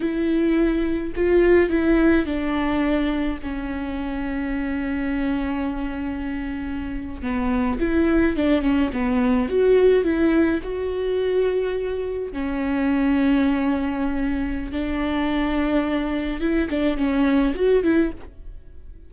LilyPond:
\new Staff \with { instrumentName = "viola" } { \time 4/4 \tempo 4 = 106 e'2 f'4 e'4 | d'2 cis'2~ | cis'1~ | cis'8. b4 e'4 d'8 cis'8 b16~ |
b8. fis'4 e'4 fis'4~ fis'16~ | fis'4.~ fis'16 cis'2~ cis'16~ | cis'2 d'2~ | d'4 e'8 d'8 cis'4 fis'8 e'8 | }